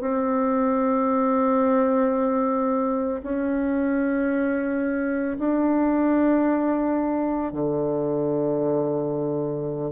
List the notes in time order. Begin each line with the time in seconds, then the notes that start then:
0.00 C4
3.22 C#4
5.39 D4
7.52 D3